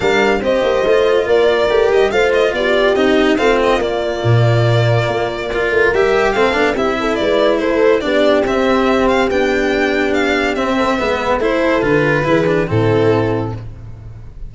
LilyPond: <<
  \new Staff \with { instrumentName = "violin" } { \time 4/4 \tempo 4 = 142 f''4 dis''2 d''4~ | d''8 dis''8 f''8 dis''8 d''4 dis''4 | f''8 dis''8 d''2.~ | d''2 e''4 f''4 |
e''4 d''4 c''4 d''4 | e''4. f''8 g''2 | f''4 e''2 c''4 | b'2 a'2 | }
  \new Staff \with { instrumentName = "horn" } { \time 4/4 ais'4 c''2 ais'4~ | ais'4 c''4 g'2 | f'1~ | f'4 ais'2 a'4 |
g'8 a'8 b'4 a'4 g'4~ | g'1~ | g'4. a'8 b'4 a'4~ | a'4 gis'4 e'2 | }
  \new Staff \with { instrumentName = "cello" } { \time 4/4 d'4 g'4 f'2 | g'4 f'2 dis'4 | c'4 ais2.~ | ais4 f'4 g'4 c'8 d'8 |
e'2. d'4 | c'2 d'2~ | d'4 c'4 b4 e'4 | f'4 e'8 d'8 c'2 | }
  \new Staff \with { instrumentName = "tuba" } { \time 4/4 g4 c'8 ais8 a4 ais4 | a8 g8 a4 b4 c'4 | a4 ais4 ais,2 | ais4. a8 g4 a8 b8 |
c'4 gis4 a4 b4 | c'2 b2~ | b4 c'4 gis4 a4 | d4 e4 a,2 | }
>>